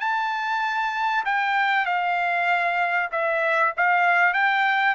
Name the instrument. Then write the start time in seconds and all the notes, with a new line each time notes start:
trumpet
0.00 A5
1.25 G5
1.86 F5
3.11 E5
3.77 F5
4.34 G5